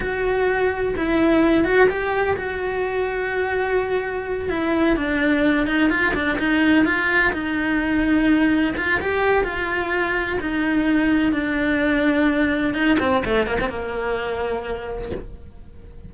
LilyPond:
\new Staff \with { instrumentName = "cello" } { \time 4/4 \tempo 4 = 127 fis'2 e'4. fis'8 | g'4 fis'2.~ | fis'4. e'4 d'4. | dis'8 f'8 d'8 dis'4 f'4 dis'8~ |
dis'2~ dis'8 f'8 g'4 | f'2 dis'2 | d'2. dis'8 c'8 | a8 ais16 c'16 ais2. | }